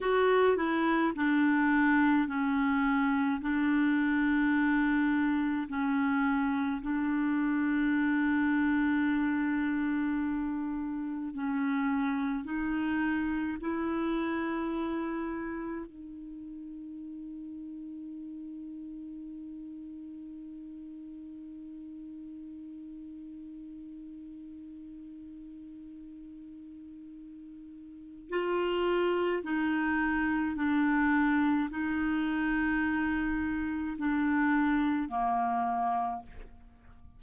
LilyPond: \new Staff \with { instrumentName = "clarinet" } { \time 4/4 \tempo 4 = 53 fis'8 e'8 d'4 cis'4 d'4~ | d'4 cis'4 d'2~ | d'2 cis'4 dis'4 | e'2 dis'2~ |
dis'1~ | dis'1~ | dis'4 f'4 dis'4 d'4 | dis'2 d'4 ais4 | }